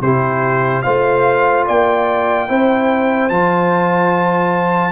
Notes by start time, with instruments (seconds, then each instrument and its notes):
0.00 tuba C3, trombone E4, horn G4, trumpet C5
0.82 tuba A3, trombone F4, horn C5, trumpet F5
1.66 tuba A#3, horn D5, trumpet G5
2.48 tuba C4, trombone E4, horn C5
3.29 tuba F3, trombone F4, trumpet A5